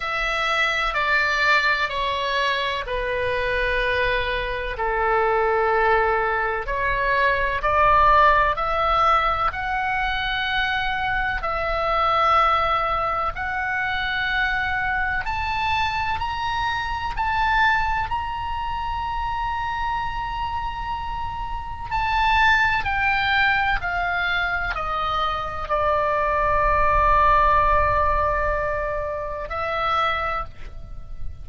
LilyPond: \new Staff \with { instrumentName = "oboe" } { \time 4/4 \tempo 4 = 63 e''4 d''4 cis''4 b'4~ | b'4 a'2 cis''4 | d''4 e''4 fis''2 | e''2 fis''2 |
a''4 ais''4 a''4 ais''4~ | ais''2. a''4 | g''4 f''4 dis''4 d''4~ | d''2. e''4 | }